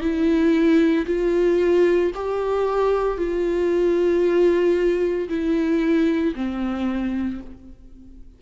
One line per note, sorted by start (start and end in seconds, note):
0.00 1.05 E4
1.06 2.11 F4
2.15 3.18 G4
3.18 5.28 F4
5.29 6.34 E4
6.35 7.41 C4